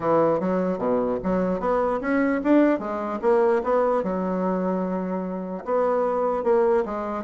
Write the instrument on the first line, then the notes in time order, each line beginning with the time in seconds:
bassoon
0.00 E3
0.40 F#3
0.78 B2
1.23 F#3
1.59 B3
2.00 C#4
2.43 D4
2.79 G#3
3.21 A#3
3.63 B3
4.03 F#3
5.64 B3
6.43 A#3
6.85 G#3